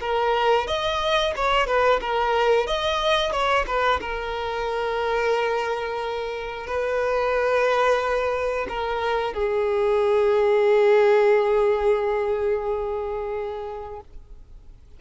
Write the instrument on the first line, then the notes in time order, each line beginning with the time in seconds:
violin
0.00 A#4
0.67 D#5
1.36 C#5
1.66 B4
2.01 A#4
2.66 D#5
3.32 C#5
3.66 B4
4.01 A#4
6.66 B4
8.68 A#4
9.33 G#4